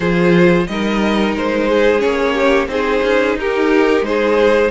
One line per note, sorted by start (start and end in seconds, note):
0.00 0.66 F3
0.00 0.69 F4
0.00 0.65 G#4
0.00 0.67 C5
0.67 1.35 G3
0.67 1.98 D#4
0.67 1.69 A#4
0.67 1.34 D#5
1.35 2.03 G#3
1.35 2.00 C5
1.69 2.34 G#4
1.98 2.67 A#3
1.98 2.66 C#4
1.98 2.67 C#5
2.34 2.67 G4
2.67 3.00 C4
2.67 4.70 D#4
2.67 3.38 G#4
2.67 3.37 C5
3.03 3.36 C#4
3.36 4.01 D#4
3.36 4.06 G4
3.36 4.04 A#4
4.01 4.69 G#3
4.01 4.70 C5
4.08 4.70 G#4